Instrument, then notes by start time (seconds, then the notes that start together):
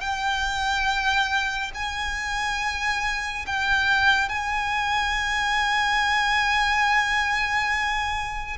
violin
0.00 G5
1.74 G#5
3.46 G5
4.28 G#5